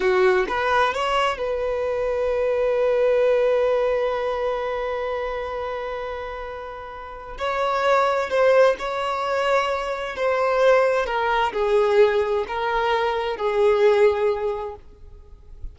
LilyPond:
\new Staff \with { instrumentName = "violin" } { \time 4/4 \tempo 4 = 130 fis'4 b'4 cis''4 b'4~ | b'1~ | b'1~ | b'1 |
cis''2 c''4 cis''4~ | cis''2 c''2 | ais'4 gis'2 ais'4~ | ais'4 gis'2. | }